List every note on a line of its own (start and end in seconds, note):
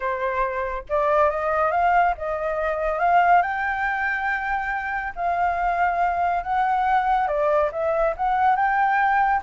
0.00 0.83 C5
0.89 1.30 D5
1.30 1.71 D#5
1.71 2.14 F5
2.17 2.99 D#5
2.99 3.41 F5
3.41 5.13 G5
5.15 6.43 F5
6.43 7.27 F#5
7.27 7.70 D5
7.72 8.14 E5
8.16 8.56 F#5
8.56 9.41 G5